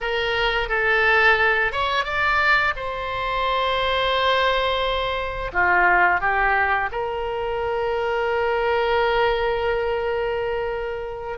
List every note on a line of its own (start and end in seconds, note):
0.00 0.69 A#4
0.69 1.71 A4
1.71 2.04 C#5
2.04 2.73 D5
2.76 5.51 C5
5.53 6.20 F4
6.20 6.89 G4
6.91 11.38 A#4